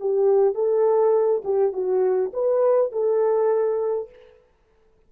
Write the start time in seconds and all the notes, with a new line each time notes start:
0.00 G4
0.54 A4
1.44 G4
1.73 F#4
2.33 B4
2.92 A4